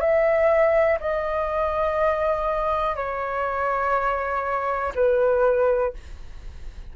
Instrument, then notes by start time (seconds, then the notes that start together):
flute
0.00 E5
1.00 D#5
2.96 C#5
4.95 B4